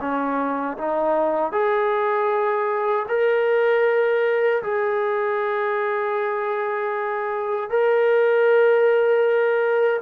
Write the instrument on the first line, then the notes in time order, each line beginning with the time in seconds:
trombone
0.00 C#4
0.77 D#4
1.52 G#4
3.08 A#4
4.63 G#4
7.70 A#4